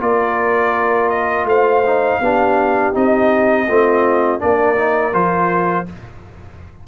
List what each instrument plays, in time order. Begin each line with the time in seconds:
0.00 tuba A#3, trombone F4, horn A#4, trumpet D5
1.09 trumpet D#5
1.45 tuba A3, horn C5, trumpet F5
1.86 trombone D#4
2.20 tuba B3, trombone D4, horn G4
2.94 tuba C4, trombone D#4, trumpet D#5
3.68 tuba A3, trombone C4, horn F4
4.39 tuba A#3, trombone D4, horn A#4, trumpet D5
4.76 trombone D#4
5.13 tuba F3, trombone F4, trumpet C5